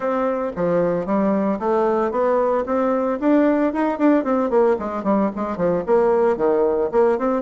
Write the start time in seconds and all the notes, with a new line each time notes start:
0.00 C4
0.56 F3
1.05 G3
1.59 A3
2.11 B3
2.65 C4
3.20 D4
3.73 D#4
3.98 D4
4.24 C4
4.50 A#3
4.79 G#3
5.03 G3
5.35 G#3
5.57 F3
5.86 A#3
6.36 D#3
6.91 A#3
7.18 C4